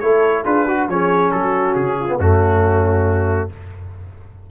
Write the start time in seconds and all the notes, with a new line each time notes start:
0.00 A3 E4 A4 C#5
0.45 D4 F4 G#4 B4
0.66 F#4
0.89 F3 C#4 G#4 C#5
1.32 F#3 F#4 A4
1.76 C#3 G#4
2.00 F4
2.08 B3
2.19 F#2 A3 C#4 F#4